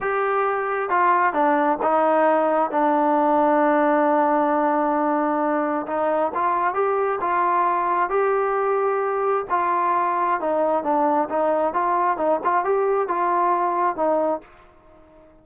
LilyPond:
\new Staff \with { instrumentName = "trombone" } { \time 4/4 \tempo 4 = 133 g'2 f'4 d'4 | dis'2 d'2~ | d'1~ | d'4 dis'4 f'4 g'4 |
f'2 g'2~ | g'4 f'2 dis'4 | d'4 dis'4 f'4 dis'8 f'8 | g'4 f'2 dis'4 | }